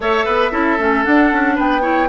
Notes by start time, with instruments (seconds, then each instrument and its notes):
0.00 bassoon A3, clarinet A4, oboe C#5, flute E5
0.25 bassoon B3, oboe B4
0.51 bassoon C#4, clarinet E4, oboe A4
0.78 bassoon A3, clarinet C#4
1.04 clarinet D4, bassoon D4, flute F#5
1.32 bassoon C#4
1.55 bassoon B3, oboe B4, flute G5
1.81 clarinet E4, oboe C#5